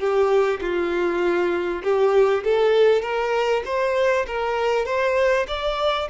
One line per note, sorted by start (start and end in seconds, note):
0.00 0.61 G4
0.62 1.83 F4
1.83 2.44 G4
2.44 3.02 A4
3.02 3.63 A#4
3.66 4.26 C5
4.27 4.86 A#4
4.86 5.47 C5
5.48 6.09 D5